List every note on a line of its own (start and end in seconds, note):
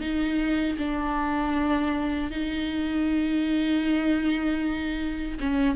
0.00 0.77 D#4
0.78 2.31 D4
2.31 5.38 D#4
5.40 5.76 C#4